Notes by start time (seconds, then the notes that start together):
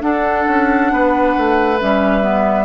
0.00 D4 A4 F#5
0.47 C#4
0.92 B3 B4
1.37 A3
1.80 G3 C#4 E5
2.21 B3